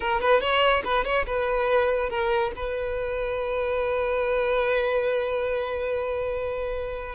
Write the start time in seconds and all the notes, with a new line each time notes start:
0.00 A#4
0.20 B4
0.41 C#5
0.84 B4
1.04 C#5
1.26 B4
2.09 A#4
2.56 B4